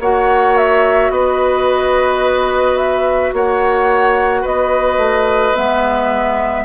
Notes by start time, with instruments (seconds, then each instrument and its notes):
0.00 bassoon A#3, clarinet F#4, oboe C#5, flute F#5
0.57 flute E5
1.10 bassoon B3, oboe B4, flute D#5
2.77 flute E5
3.33 bassoon A#3, oboe C#5, flute F#5
4.41 bassoon B3, oboe B4, flute D#5
4.97 bassoon A3
5.56 bassoon G#3, clarinet B3, flute E5